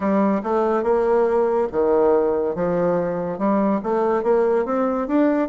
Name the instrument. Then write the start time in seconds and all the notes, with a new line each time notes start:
bassoon
0.00 G3
0.43 A3
0.83 A#3
1.72 D#3
2.55 F3
3.38 G3
3.83 A3
4.23 A#3
4.65 C4
5.07 D4